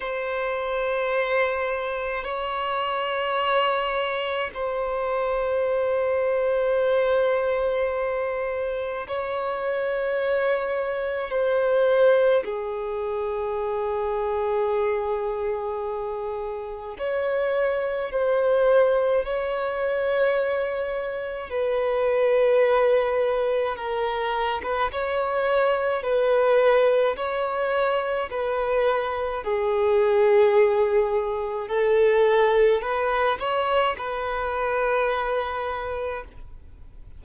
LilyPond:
\new Staff \with { instrumentName = "violin" } { \time 4/4 \tempo 4 = 53 c''2 cis''2 | c''1 | cis''2 c''4 gis'4~ | gis'2. cis''4 |
c''4 cis''2 b'4~ | b'4 ais'8. b'16 cis''4 b'4 | cis''4 b'4 gis'2 | a'4 b'8 cis''8 b'2 | }